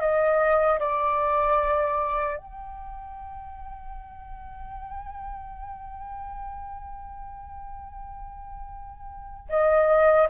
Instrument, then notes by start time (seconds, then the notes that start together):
flute
0.00 D#5
0.79 D5
2.37 G5
9.49 D#5